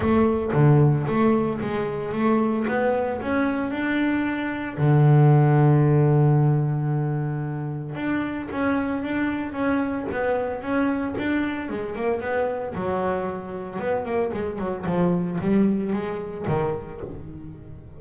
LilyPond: \new Staff \with { instrumentName = "double bass" } { \time 4/4 \tempo 4 = 113 a4 d4 a4 gis4 | a4 b4 cis'4 d'4~ | d'4 d2.~ | d2. d'4 |
cis'4 d'4 cis'4 b4 | cis'4 d'4 gis8 ais8 b4 | fis2 b8 ais8 gis8 fis8 | f4 g4 gis4 dis4 | }